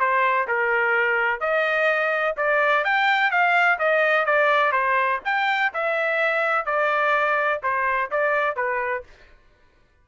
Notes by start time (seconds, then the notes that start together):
0.00 C5
0.48 A#4
1.40 D#5
2.37 D5
2.85 G5
3.31 F5
3.79 D#5
4.26 D5
4.72 C5
5.25 G5
5.74 E5
6.66 D5
7.63 C5
8.11 D5
8.56 B4